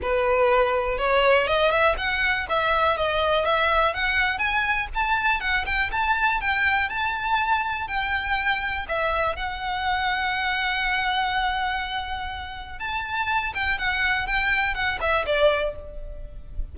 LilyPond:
\new Staff \with { instrumentName = "violin" } { \time 4/4 \tempo 4 = 122 b'2 cis''4 dis''8 e''8 | fis''4 e''4 dis''4 e''4 | fis''4 gis''4 a''4 fis''8 g''8 | a''4 g''4 a''2 |
g''2 e''4 fis''4~ | fis''1~ | fis''2 a''4. g''8 | fis''4 g''4 fis''8 e''8 d''4 | }